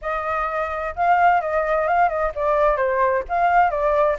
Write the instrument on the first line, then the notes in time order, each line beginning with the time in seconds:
flute
0.01 D#5
0.95 F5
1.41 D#5
1.87 F5
2.08 D#5
2.35 D5
2.76 C5
3.28 F5
3.70 D5